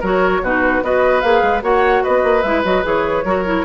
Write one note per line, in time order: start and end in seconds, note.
0.00 0.41 F#3
0.00 0.44 F#4
0.00 0.41 A#4
0.00 0.44 C#5
0.41 0.82 B2
0.41 0.83 D#4
0.41 0.83 F#4
0.41 0.84 B4
0.82 1.23 B3
0.82 1.23 F#4
0.82 1.63 B4
0.82 1.21 D#5
1.21 1.42 A#3
1.21 1.61 G#4
1.21 1.61 F5
1.42 1.62 G#3
1.61 2.02 A#3
1.61 2.42 F#4
1.61 2.03 C#5
1.61 2.04 F#5
2.03 2.23 B3
2.03 3.25 B4
2.03 2.42 D#5
2.23 2.43 A#3
2.42 2.64 G#3
2.42 2.64 E4
2.42 2.62 E5
2.64 2.84 F#3
2.64 2.83 F#4
2.64 2.84 D#5
2.83 3.24 E3
2.83 3.23 G#4
2.83 3.65 C#5
3.24 3.64 F#3
3.24 3.45 F#4
3.24 3.65 A#4
3.45 3.65 E4